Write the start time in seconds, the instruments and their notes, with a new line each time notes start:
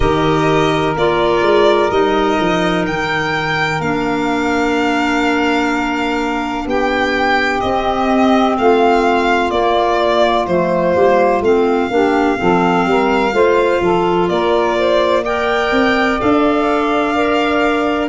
0.00 tuba D#3, clarinet G4, saxophone A#4, violin D#5
0.95 tuba A#3, clarinet F4, violin D5
1.42 tuba G#3
1.90 tuba G3, clarinet D#4, violin D#5
2.40 tuba F3
2.86 tuba D#3, violin G5
3.79 tuba A#3, clarinet D4, violin F5
6.65 tuba B3, saxophone G4, violin G5
7.60 clarinet C4, tuba C4, violin D#5
8.57 tuba A3, saxophone F4, violin F5
9.50 clarinet A#3, tuba A#3, violin D5
10.46 tuba F3, clarinet A3, violin C5
10.94 tuba G3, clarinet A#3
11.40 tuba A3, clarinet C4, violin F5
11.90 tuba A#3, clarinet D4, saxophone G4
12.36 tuba F3, clarinet C4, saxophone A4
12.85 tuba G3, saxophone A#4
13.32 tuba A3, clarinet F4, saxophone C5
13.81 tuba F3, saxophone A4
14.28 tuba A#3, saxophone A#4, violin D5
14.78 saxophone C5
15.22 clarinet A#4, saxophone D5, violin G5
15.71 tuba C4
16.19 tuba D4, clarinet A4, violin F5
17.14 clarinet A#4